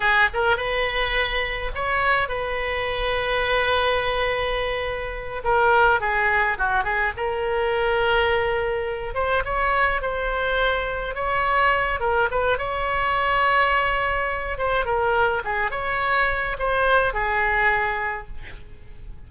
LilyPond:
\new Staff \with { instrumentName = "oboe" } { \time 4/4 \tempo 4 = 105 gis'8 ais'8 b'2 cis''4 | b'1~ | b'4. ais'4 gis'4 fis'8 | gis'8 ais'2.~ ais'8 |
c''8 cis''4 c''2 cis''8~ | cis''4 ais'8 b'8 cis''2~ | cis''4. c''8 ais'4 gis'8 cis''8~ | cis''4 c''4 gis'2 | }